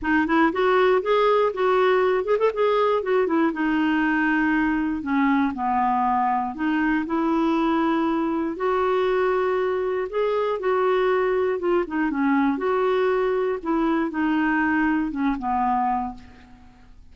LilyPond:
\new Staff \with { instrumentName = "clarinet" } { \time 4/4 \tempo 4 = 119 dis'8 e'8 fis'4 gis'4 fis'4~ | fis'8 gis'16 a'16 gis'4 fis'8 e'8 dis'4~ | dis'2 cis'4 b4~ | b4 dis'4 e'2~ |
e'4 fis'2. | gis'4 fis'2 f'8 dis'8 | cis'4 fis'2 e'4 | dis'2 cis'8 b4. | }